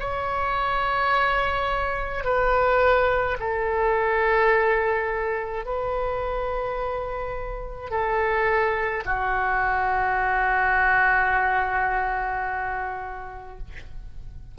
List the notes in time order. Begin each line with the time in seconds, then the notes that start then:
0.00 C#5
2.24 B4
3.40 A4
5.66 B4
7.91 A4
9.06 F#4